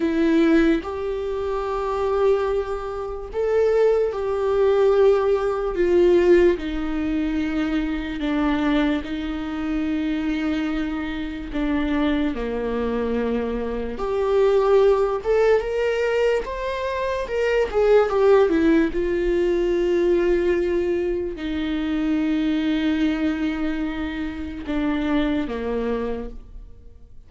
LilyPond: \new Staff \with { instrumentName = "viola" } { \time 4/4 \tempo 4 = 73 e'4 g'2. | a'4 g'2 f'4 | dis'2 d'4 dis'4~ | dis'2 d'4 ais4~ |
ais4 g'4. a'8 ais'4 | c''4 ais'8 gis'8 g'8 e'8 f'4~ | f'2 dis'2~ | dis'2 d'4 ais4 | }